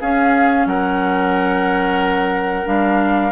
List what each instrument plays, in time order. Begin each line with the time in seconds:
0.00 bassoon C#4, clarinet C#4, oboe G#4, flute F5
0.65 bassoon F#3, oboe A#4, flute F#5
2.65 bassoon G3, clarinet D4, flute F5